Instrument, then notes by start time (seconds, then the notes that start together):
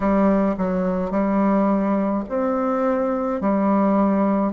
bassoon
0.00 G3
0.57 F#3
1.10 G3
2.28 C4
3.40 G3